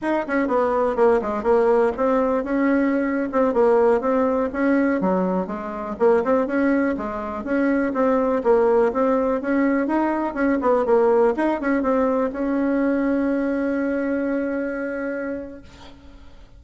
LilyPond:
\new Staff \with { instrumentName = "bassoon" } { \time 4/4 \tempo 4 = 123 dis'8 cis'8 b4 ais8 gis8 ais4 | c'4 cis'4.~ cis'16 c'8 ais8.~ | ais16 c'4 cis'4 fis4 gis8.~ | gis16 ais8 c'8 cis'4 gis4 cis'8.~ |
cis'16 c'4 ais4 c'4 cis'8.~ | cis'16 dis'4 cis'8 b8 ais4 dis'8 cis'16~ | cis'16 c'4 cis'2~ cis'8.~ | cis'1 | }